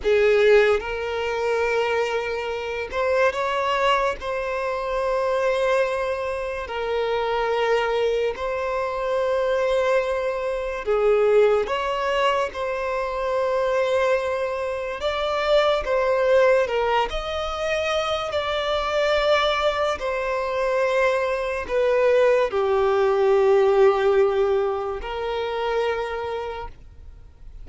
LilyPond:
\new Staff \with { instrumentName = "violin" } { \time 4/4 \tempo 4 = 72 gis'4 ais'2~ ais'8 c''8 | cis''4 c''2. | ais'2 c''2~ | c''4 gis'4 cis''4 c''4~ |
c''2 d''4 c''4 | ais'8 dis''4. d''2 | c''2 b'4 g'4~ | g'2 ais'2 | }